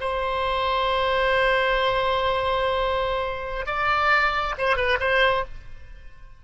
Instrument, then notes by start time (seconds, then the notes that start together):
oboe
0.00 C5
3.66 D5
4.58 C5
4.76 B4
4.99 C5